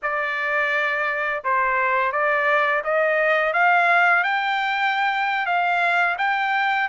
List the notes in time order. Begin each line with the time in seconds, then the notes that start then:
0.02 D5
1.44 C5
2.11 D5
2.84 D#5
3.53 F5
4.23 G5
5.45 F5
6.18 G5